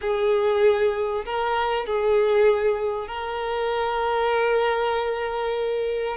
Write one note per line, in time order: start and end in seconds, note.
0.01 1.24 G#4
1.25 1.86 A#4
1.86 3.07 G#4
3.07 6.17 A#4